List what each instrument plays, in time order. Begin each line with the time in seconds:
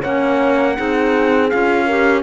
0.00 cello A#3, clarinet C#4, horn C#5, trumpet F#5
0.75 cello C4, clarinet D#4, horn G#4
1.49 cello C#4, clarinet F4, trumpet F5
1.85 clarinet G4, horn A#4